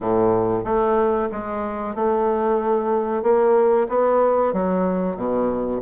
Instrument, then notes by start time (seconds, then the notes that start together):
bassoon
0.00 A2
0.64 A3
1.31 G#3
1.95 A3
3.22 A#3
3.89 B3
4.53 F#3
5.16 B2